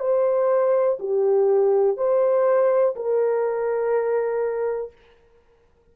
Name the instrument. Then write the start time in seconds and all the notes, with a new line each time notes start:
horn
0.00 C5
1.00 G4
1.97 C5
2.96 A#4